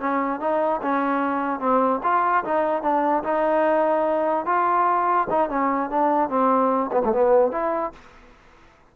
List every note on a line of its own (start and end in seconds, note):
0.00 0.40 C#4
0.40 0.81 D#4
0.83 1.60 C#4
1.60 2.01 C4
2.04 2.45 F4
2.45 2.83 D#4
2.83 3.24 D4
3.24 4.46 D#4
4.46 5.28 F4
5.31 5.50 D#4
5.50 5.90 C#4
5.91 6.30 D4
6.30 6.91 C4
6.93 7.03 B3
7.05 7.13 A3
7.13 7.52 B3
7.52 7.93 E4